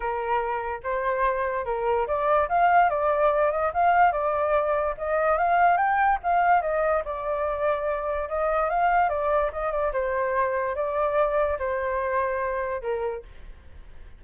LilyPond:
\new Staff \with { instrumentName = "flute" } { \time 4/4 \tempo 4 = 145 ais'2 c''2 | ais'4 d''4 f''4 d''4~ | d''8 dis''8 f''4 d''2 | dis''4 f''4 g''4 f''4 |
dis''4 d''2. | dis''4 f''4 d''4 dis''8 d''8 | c''2 d''2 | c''2. ais'4 | }